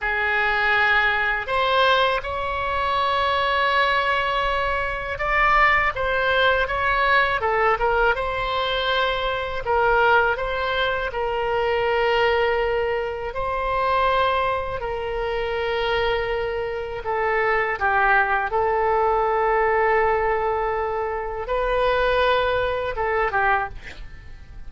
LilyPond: \new Staff \with { instrumentName = "oboe" } { \time 4/4 \tempo 4 = 81 gis'2 c''4 cis''4~ | cis''2. d''4 | c''4 cis''4 a'8 ais'8 c''4~ | c''4 ais'4 c''4 ais'4~ |
ais'2 c''2 | ais'2. a'4 | g'4 a'2.~ | a'4 b'2 a'8 g'8 | }